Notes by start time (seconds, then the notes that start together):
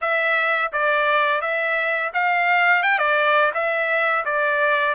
0.01 E5
0.72 D5
1.41 E5
2.13 F5
2.82 G5
2.98 D5
3.54 E5
4.25 D5